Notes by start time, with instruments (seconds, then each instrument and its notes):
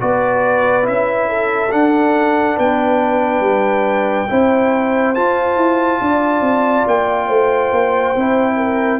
0.00 tuba B3, trombone F#4, horn B4, trumpet D5
0.82 tuba C#4, trombone E4, trumpet E5
1.29 horn A4
1.71 trombone D4, tuba D4, trumpet F#5
2.56 tuba B3, horn B4, trumpet G5
3.40 tuba G3
4.29 tuba C4, trombone E4, horn C5
5.15 trombone F4, tuba F4, trumpet A5
5.56 tuba E4
6.01 tuba D4, horn D5
6.41 tuba C4
6.86 tuba A#3, trumpet G5
7.27 tuba A3, horn C5
7.72 tuba A#3
8.16 tuba C4, trombone E4
8.57 horn A#4